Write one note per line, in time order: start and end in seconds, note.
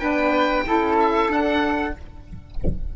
0.00 0.66 B3
0.00 0.65 D4
0.00 0.64 B4
0.00 0.96 G5
0.66 1.30 C#4
0.66 1.30 E4
0.66 1.95 A4
1.00 1.32 E5
1.30 1.93 D4
1.30 1.94 D4
1.30 1.96 F#5